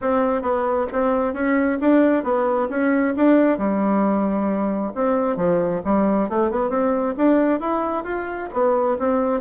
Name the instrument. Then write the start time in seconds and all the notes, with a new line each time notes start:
bassoon
0.01 C4
0.42 B3
0.92 C4
1.33 C#4
1.80 D4
2.23 B3
2.69 C#4
3.16 D4
3.58 G3
4.95 C4
5.36 F3
5.85 G3
6.29 A3
6.50 B3
6.69 C4
7.17 D4
7.60 E4
8.04 F4
8.53 B3
8.98 C4